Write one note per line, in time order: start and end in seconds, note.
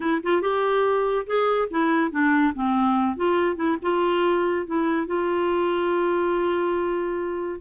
0.00 0.21 E4
0.23 0.41 F4
0.41 1.26 G4
1.26 1.68 G#4
1.70 2.11 E4
2.11 2.53 D4
2.54 3.16 C4
3.16 3.56 F4
3.56 3.77 E4
3.82 4.66 F4
4.66 5.06 E4
5.06 7.60 F4